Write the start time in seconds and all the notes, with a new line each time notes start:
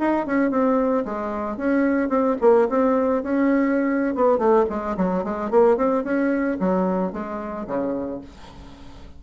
0.00 D#4
0.27 C#4
0.51 C4
1.05 G#3
1.57 C#4
2.10 C4
2.42 A#3
2.69 C4
3.24 C#4
4.16 B3
4.39 A3
4.70 G#3
4.97 F#3
5.24 G#3
5.51 A#3
5.77 C4
6.04 C#4
6.60 F#3
7.13 G#3
7.67 C#3